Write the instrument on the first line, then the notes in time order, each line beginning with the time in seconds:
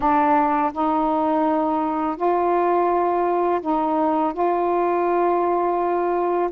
saxophone
0.00 D4
0.73 D#4
2.16 F4
3.61 D#4
4.33 F4